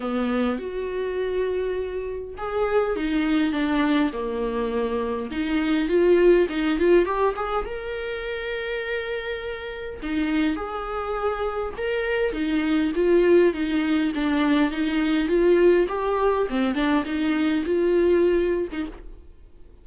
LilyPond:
\new Staff \with { instrumentName = "viola" } { \time 4/4 \tempo 4 = 102 b4 fis'2. | gis'4 dis'4 d'4 ais4~ | ais4 dis'4 f'4 dis'8 f'8 | g'8 gis'8 ais'2.~ |
ais'4 dis'4 gis'2 | ais'4 dis'4 f'4 dis'4 | d'4 dis'4 f'4 g'4 | c'8 d'8 dis'4 f'4.~ f'16 dis'16 | }